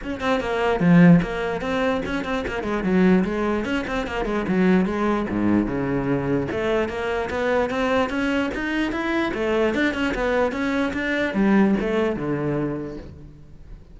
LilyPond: \new Staff \with { instrumentName = "cello" } { \time 4/4 \tempo 4 = 148 cis'8 c'8 ais4 f4 ais4 | c'4 cis'8 c'8 ais8 gis8 fis4 | gis4 cis'8 c'8 ais8 gis8 fis4 | gis4 gis,4 cis2 |
a4 ais4 b4 c'4 | cis'4 dis'4 e'4 a4 | d'8 cis'8 b4 cis'4 d'4 | g4 a4 d2 | }